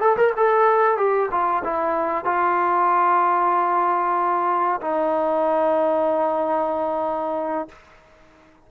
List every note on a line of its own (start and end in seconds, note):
0.00 0.16 A4
0.17 0.32 A#4
0.36 0.97 A4
0.97 1.29 G4
1.31 1.62 F4
1.64 2.25 E4
2.25 4.80 F4
4.81 7.68 D#4